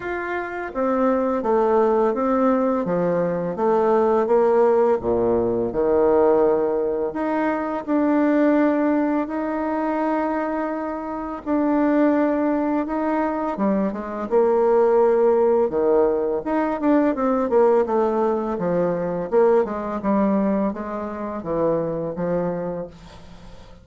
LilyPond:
\new Staff \with { instrumentName = "bassoon" } { \time 4/4 \tempo 4 = 84 f'4 c'4 a4 c'4 | f4 a4 ais4 ais,4 | dis2 dis'4 d'4~ | d'4 dis'2. |
d'2 dis'4 g8 gis8 | ais2 dis4 dis'8 d'8 | c'8 ais8 a4 f4 ais8 gis8 | g4 gis4 e4 f4 | }